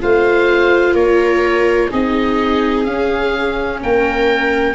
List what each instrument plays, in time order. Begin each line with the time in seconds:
0.00 tuba A3, viola F4 C5, oboe F5
0.93 tuba A#3, viola A#4, oboe C#5
1.90 tuba C4, viola D#4 G#4, oboe D#5
2.84 viola C#4, tuba C#4, oboe F5
3.83 tuba A#3, viola A#4, oboe G5